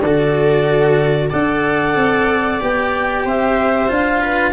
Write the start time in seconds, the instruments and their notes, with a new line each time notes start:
0.00 tuba D3, cello F#4, viola A4, clarinet D5
1.30 tuba D4, cello A4, viola D5, clarinet F#5
1.95 tuba C4
2.60 tuba B3, cello G4, clarinet G5
3.24 tuba C4, viola C5, clarinet E5
3.88 tuba D4, cello F4, clarinet F5
4.20 viola B4